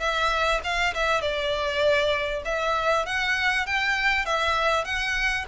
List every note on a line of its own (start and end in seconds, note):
0.00 0.61 E5
0.64 0.94 F5
0.94 1.21 E5
1.21 2.43 D5
2.45 3.06 E5
3.06 3.66 F#5
3.66 4.25 G5
4.25 4.85 E5
4.85 5.45 F#5